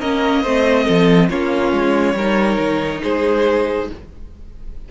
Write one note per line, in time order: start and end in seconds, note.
0.00 0.45 A#3
0.00 0.45 C#4
0.00 0.43 A#4
0.00 1.29 D#5
0.43 0.87 A3
0.43 1.30 C4
0.43 0.85 C5
0.85 1.30 F3
0.85 1.27 A4
1.30 1.72 A#3
1.30 2.16 C#4
1.30 2.16 F4
1.30 3.01 C#5
1.72 2.14 G#3
2.14 2.57 G3
2.14 3.91 D#4
2.14 3.02 A#4
2.59 3.02 D#3
3.03 3.90 G#3
3.03 3.89 G#4
3.03 3.89 C5